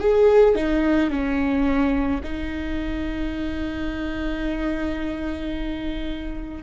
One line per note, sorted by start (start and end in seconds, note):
0.00 0.56 G#4
0.56 1.11 D#4
1.11 2.22 C#4
2.24 6.64 D#4